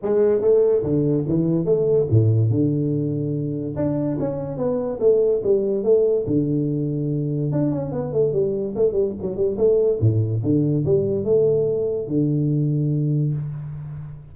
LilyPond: \new Staff \with { instrumentName = "tuba" } { \time 4/4 \tempo 4 = 144 gis4 a4 d4 e4 | a4 a,4 d2~ | d4 d'4 cis'4 b4 | a4 g4 a4 d4~ |
d2 d'8 cis'8 b8 a8 | g4 a8 g8 fis8 g8 a4 | a,4 d4 g4 a4~ | a4 d2. | }